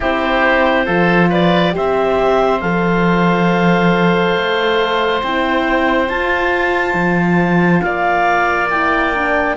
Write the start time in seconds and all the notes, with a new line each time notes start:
0.00 C4 E4 G4 C5
0.85 F3 F4 A4
1.29 B4 D5
1.72 G4 C5 E5
1.78 C4
2.60 F3 A4 F5
4.35 A3
5.22 C4 E4 G5
6.07 F4 A5
6.93 F3
7.81 A#3 D5 F5
8.69 E4 G5
9.14 D4